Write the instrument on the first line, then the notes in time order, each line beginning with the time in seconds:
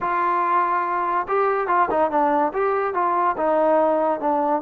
trombone
0.00 F4
1.28 G4
1.67 F4
1.90 D#4
2.10 D4
2.53 G4
2.94 F4
3.37 D#4
4.20 D4